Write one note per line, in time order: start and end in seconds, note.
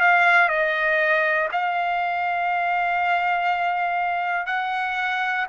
0.00 0.49 F5
0.49 1.49 D#5
1.52 4.46 F5
4.46 5.46 F#5